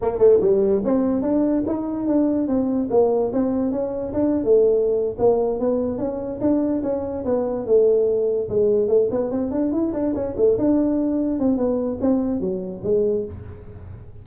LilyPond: \new Staff \with { instrumentName = "tuba" } { \time 4/4 \tempo 4 = 145 ais8 a8 g4 c'4 d'4 | dis'4 d'4 c'4 ais4 | c'4 cis'4 d'8. a4~ a16~ | a8 ais4 b4 cis'4 d'8~ |
d'8 cis'4 b4 a4.~ | a8 gis4 a8 b8 c'8 d'8 e'8 | d'8 cis'8 a8 d'2 c'8 | b4 c'4 fis4 gis4 | }